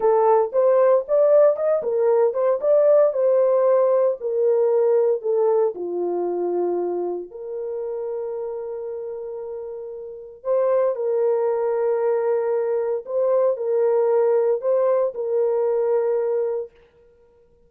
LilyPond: \new Staff \with { instrumentName = "horn" } { \time 4/4 \tempo 4 = 115 a'4 c''4 d''4 dis''8 ais'8~ | ais'8 c''8 d''4 c''2 | ais'2 a'4 f'4~ | f'2 ais'2~ |
ais'1 | c''4 ais'2.~ | ais'4 c''4 ais'2 | c''4 ais'2. | }